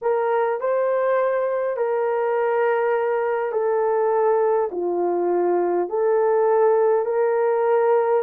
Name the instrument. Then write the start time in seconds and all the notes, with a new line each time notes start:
horn
0.01 A#4
0.60 C5
1.76 A#4
3.51 A4
4.71 F4
5.89 A4
7.05 A#4